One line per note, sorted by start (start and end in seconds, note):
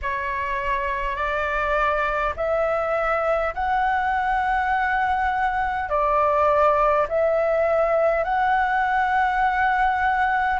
0.02 1.16 C#5
1.16 2.33 D5
2.36 3.53 E5
3.54 5.89 F#5
5.89 7.06 D5
7.09 8.24 E5
8.24 10.59 F#5